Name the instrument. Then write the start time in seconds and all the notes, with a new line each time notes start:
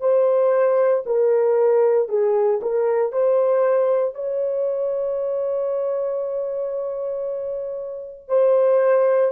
horn
0.00 C5
1.06 A#4
2.09 G#4
2.62 A#4
3.12 C5
4.15 C#5
8.28 C5